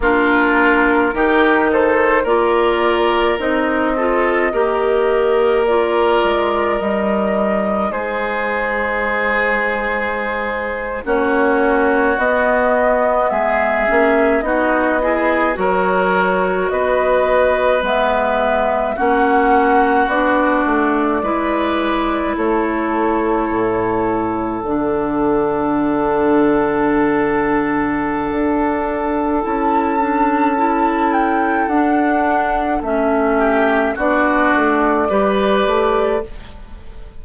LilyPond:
<<
  \new Staff \with { instrumentName = "flute" } { \time 4/4 \tempo 4 = 53 ais'4. c''8 d''4 dis''4~ | dis''4 d''4 dis''4 c''4~ | c''4.~ c''16 cis''4 dis''4 e''16~ | e''8. dis''4 cis''4 dis''4 e''16~ |
e''8. fis''4 d''2 cis''16~ | cis''4.~ cis''16 fis''2~ fis''16~ | fis''2 a''4. g''8 | fis''4 e''4 d''2 | }
  \new Staff \with { instrumentName = "oboe" } { \time 4/4 f'4 g'8 a'8 ais'4. a'8 | ais'2. gis'4~ | gis'4.~ gis'16 fis'2 gis'16~ | gis'8. fis'8 gis'8 ais'4 b'4~ b'16~ |
b'8. fis'2 b'4 a'16~ | a'1~ | a'1~ | a'4. g'8 fis'4 b'4 | }
  \new Staff \with { instrumentName = "clarinet" } { \time 4/4 d'4 dis'4 f'4 dis'8 f'8 | g'4 f'4 dis'2~ | dis'4.~ dis'16 cis'4 b4~ b16~ | b16 cis'8 dis'8 e'8 fis'2 b16~ |
b8. cis'4 d'4 e'4~ e'16~ | e'4.~ e'16 d'2~ d'16~ | d'2 e'8 d'8 e'4 | d'4 cis'4 d'4 g'4 | }
  \new Staff \with { instrumentName = "bassoon" } { \time 4/4 ais4 dis4 ais4 c'4 | ais4. gis8 g4 gis4~ | gis4.~ gis16 ais4 b4 gis16~ | gis16 ais8 b4 fis4 b4 gis16~ |
gis8. ais4 b8 a8 gis4 a16~ | a8. a,4 d2~ d16~ | d4 d'4 cis'2 | d'4 a4 b8 a8 g8 a8 | }
>>